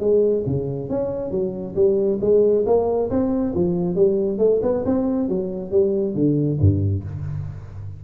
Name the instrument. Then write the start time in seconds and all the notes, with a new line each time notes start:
tuba
0.00 G#3
0.46 C#3
0.90 C#4
1.31 F#3
1.75 G3
2.21 G#3
2.66 A#3
3.10 C4
3.55 F3
3.96 G3
4.38 A3
4.62 B3
4.85 C4
5.29 F#3
5.71 G3
6.15 D3
6.60 G2